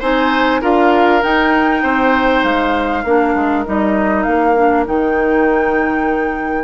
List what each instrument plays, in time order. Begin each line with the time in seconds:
0.00 bassoon C4, clarinet D#4, oboe C5, flute G#5
0.61 bassoon D4, clarinet F4, oboe A#4, flute F5
1.22 clarinet D#4, bassoon D#4, flute G5
1.83 bassoon C4, oboe C5
2.44 bassoon G#3, flute F5
3.04 bassoon A#3, clarinet D4, oboe A#4
3.35 bassoon G#3
3.66 bassoon G3, clarinet D#4, flute D#5
4.23 bassoon A#3, flute F5
4.56 clarinet D4
4.86 bassoon D#3, clarinet D#4, flute G5